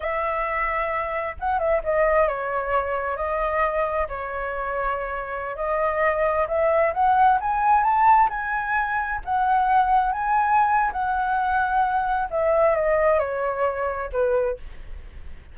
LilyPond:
\new Staff \with { instrumentName = "flute" } { \time 4/4 \tempo 4 = 132 e''2. fis''8 e''8 | dis''4 cis''2 dis''4~ | dis''4 cis''2.~ | cis''16 dis''2 e''4 fis''8.~ |
fis''16 gis''4 a''4 gis''4.~ gis''16~ | gis''16 fis''2 gis''4.~ gis''16 | fis''2. e''4 | dis''4 cis''2 b'4 | }